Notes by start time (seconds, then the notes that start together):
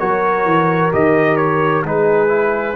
0.00 F#3 F#4 A#4 C#5
0.46 E3
0.93 D#3 G4 D#5
1.37 C#5
1.85 G#3 D#4 G#4 B4
2.28 E4